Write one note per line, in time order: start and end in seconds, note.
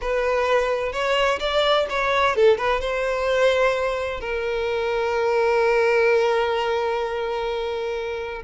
0.01 0.92 B4
0.92 1.39 C#5
1.39 1.86 D5
1.89 2.35 C#5
2.35 2.57 A4
2.57 2.80 B4
2.80 4.20 C5
4.20 8.42 A#4